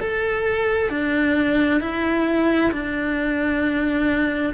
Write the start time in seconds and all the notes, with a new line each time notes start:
0.00 A4
0.90 D4
1.81 E4
2.72 D4